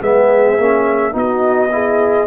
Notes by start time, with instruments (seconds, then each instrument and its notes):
0.00 tuba G#3, trombone B3, horn G#4, trumpet E5
0.58 tuba A#3, trombone C#4
1.12 tuba B3, trombone D#4, horn F#4, trumpet D#5
1.72 trombone E4, horn G#4